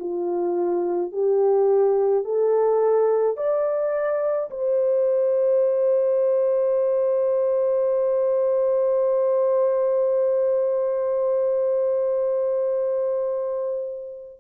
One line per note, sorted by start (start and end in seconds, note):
0.00 1.12 F4
1.12 2.25 G4
2.25 3.37 A4
3.37 4.50 D5
4.51 14.40 C5